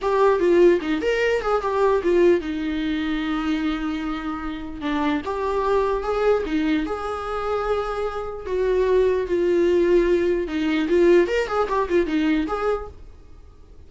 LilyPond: \new Staff \with { instrumentName = "viola" } { \time 4/4 \tempo 4 = 149 g'4 f'4 dis'8 ais'4 gis'8 | g'4 f'4 dis'2~ | dis'1 | d'4 g'2 gis'4 |
dis'4 gis'2.~ | gis'4 fis'2 f'4~ | f'2 dis'4 f'4 | ais'8 gis'8 g'8 f'8 dis'4 gis'4 | }